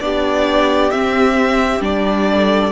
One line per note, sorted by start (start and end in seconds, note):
0.00 0.92 B3
0.00 0.92 D4
0.00 2.31 G4
0.00 0.91 D5
0.91 1.81 C4
0.91 1.82 E5
1.81 2.72 G3
1.81 2.72 D4
1.81 2.72 D5
2.31 2.72 A4